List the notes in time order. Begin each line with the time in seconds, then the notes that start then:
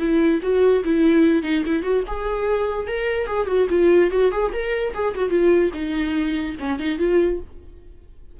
0.00 E4
0.43 F#4
0.85 E4
1.43 D#4
1.66 E4
1.83 F#4
2.07 G#4
2.88 A#4
3.27 G#4
3.47 F#4
3.70 F4
4.11 F#4
4.32 G#4
4.53 A#4
4.94 G#4
5.16 F#4
5.30 F4
5.74 D#4
6.60 C#4
6.79 D#4
6.99 F4